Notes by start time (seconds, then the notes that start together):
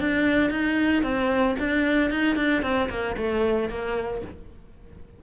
0.00 D4
0.50 D#4
1.03 C4
1.59 D4
2.11 D#4
2.36 D4
2.62 C4
2.90 A#3
3.17 A3
3.69 A#3